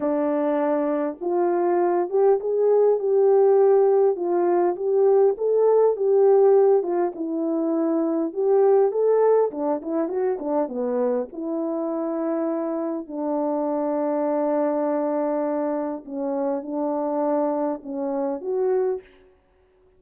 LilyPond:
\new Staff \with { instrumentName = "horn" } { \time 4/4 \tempo 4 = 101 d'2 f'4. g'8 | gis'4 g'2 f'4 | g'4 a'4 g'4. f'8 | e'2 g'4 a'4 |
d'8 e'8 fis'8 d'8 b4 e'4~ | e'2 d'2~ | d'2. cis'4 | d'2 cis'4 fis'4 | }